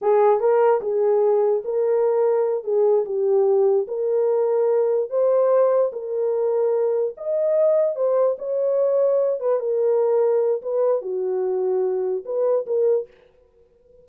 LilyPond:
\new Staff \with { instrumentName = "horn" } { \time 4/4 \tempo 4 = 147 gis'4 ais'4 gis'2 | ais'2~ ais'8 gis'4 g'8~ | g'4. ais'2~ ais'8~ | ais'8 c''2 ais'4.~ |
ais'4. dis''2 c''8~ | c''8 cis''2~ cis''8 b'8 ais'8~ | ais'2 b'4 fis'4~ | fis'2 b'4 ais'4 | }